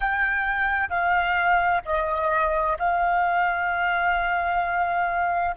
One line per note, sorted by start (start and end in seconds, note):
0.00 0.89 G5
0.89 1.81 F5
1.85 2.77 D#5
2.79 5.56 F5